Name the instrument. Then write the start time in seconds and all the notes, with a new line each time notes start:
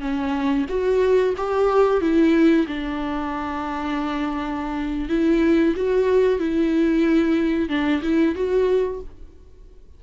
viola
0.00 C#4
0.68 F#4
1.37 G4
2.01 E4
2.67 D4
5.09 E4
5.75 F#4
6.39 E4
7.69 D4
8.02 E4
8.35 F#4